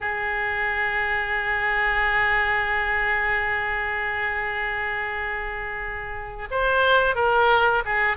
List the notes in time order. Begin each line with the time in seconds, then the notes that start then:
0.00 G#4
6.51 C5
7.15 A#4
7.85 G#4